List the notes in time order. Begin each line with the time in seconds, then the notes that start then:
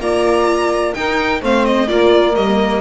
0.00 A#3 F4 D5 A#5
0.94 D#4 A#4 G5
1.41 A3 C4 C5 F5
1.66 D#5
1.88 A#3 F4 A#4 D5
2.35 G3 A#3 D#5